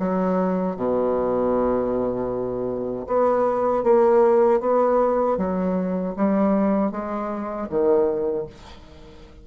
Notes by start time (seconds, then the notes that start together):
0.00 F#3
0.77 B2
3.08 B3
3.84 A#3
4.61 B3
5.38 F#3
6.17 G3
6.92 G#3
7.70 D#3